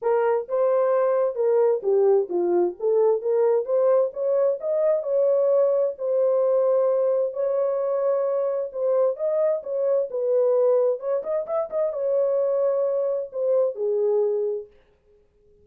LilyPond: \new Staff \with { instrumentName = "horn" } { \time 4/4 \tempo 4 = 131 ais'4 c''2 ais'4 | g'4 f'4 a'4 ais'4 | c''4 cis''4 dis''4 cis''4~ | cis''4 c''2. |
cis''2. c''4 | dis''4 cis''4 b'2 | cis''8 dis''8 e''8 dis''8 cis''2~ | cis''4 c''4 gis'2 | }